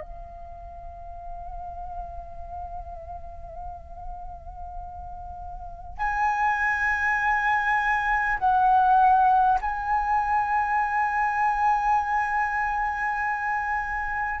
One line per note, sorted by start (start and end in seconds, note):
0.00 5.97 F5
5.97 8.37 G#5
8.38 9.58 F#5
9.61 14.40 G#5